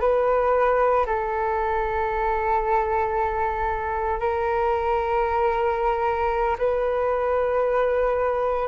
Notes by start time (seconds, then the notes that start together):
0.00 B4
1.06 A4
4.20 A#4
6.58 B4